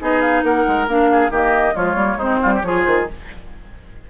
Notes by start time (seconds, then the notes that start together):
0.00 B3 D#4 G#4 D#5
0.22 F5
0.43 A#3 A#4 F#5
0.68 G#3
0.87 A#3 D4 F5
1.12 G#4
1.30 D#3 A#3 G4 D#5
1.74 F3 G#3 F4 C#5
1.95 G3 A#3
2.16 G#3 C4 D#4 C5
2.43 G3 F4
2.55 G4
2.61 F3 F4 G#4 C#5
2.83 D#3 C5